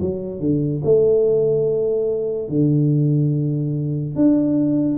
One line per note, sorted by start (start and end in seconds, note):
0.00 0.39 F#3
0.39 0.81 D3
0.84 2.48 A3
2.48 4.15 D3
4.15 4.98 D4